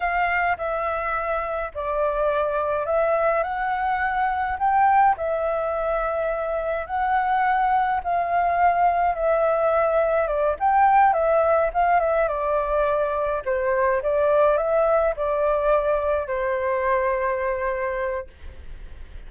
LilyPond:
\new Staff \with { instrumentName = "flute" } { \time 4/4 \tempo 4 = 105 f''4 e''2 d''4~ | d''4 e''4 fis''2 | g''4 e''2. | fis''2 f''2 |
e''2 d''8 g''4 e''8~ | e''8 f''8 e''8 d''2 c''8~ | c''8 d''4 e''4 d''4.~ | d''8 c''2.~ c''8 | }